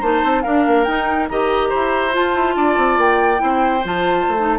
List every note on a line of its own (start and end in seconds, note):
0.00 0.22 A#3
0.00 0.44 D#4
0.00 0.43 C5
0.00 0.42 A5
0.23 0.44 C4
0.42 0.86 D4
0.42 0.66 D4
0.42 1.28 A#4
0.42 0.84 F5
0.66 0.87 A#3
0.84 1.28 D#4
0.84 1.29 D#4
0.84 1.27 G5
1.29 1.72 D#3
1.29 2.11 G4
1.29 1.69 D#5
1.29 2.14 A#5
1.69 2.17 E4
1.69 2.54 C5
2.11 3.37 F4
2.11 2.34 F4
2.11 3.00 A5
2.34 2.55 E4
2.55 2.77 D4
2.55 3.42 D5
2.77 2.97 C4
2.97 3.40 A#3
2.97 3.85 G5
3.37 3.84 C4
3.37 3.79 E4
3.37 4.59 C5
3.84 4.27 F3
3.84 4.37 F4
3.84 4.59 A5
4.28 4.59 A3
4.37 4.58 D#4